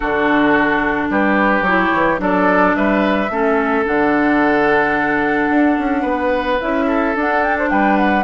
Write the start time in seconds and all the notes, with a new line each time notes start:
0.00 D3 D4 F#4 A4
1.09 G3 G4 B4
1.61 F#3 E4 C#5
1.93 E3
2.17 F#3 D4 A4 D5
2.75 G3 B4 E5
3.29 A3 C#4 A4
3.85 D3 D4 F#5
5.49 D4
5.78 C#4
6.01 B3 B4
6.60 C#4 E4 E5
6.87 A4
7.15 D4 F#5
7.43 G5
7.58 C5
7.69 G3 B4 G5
7.96 F#5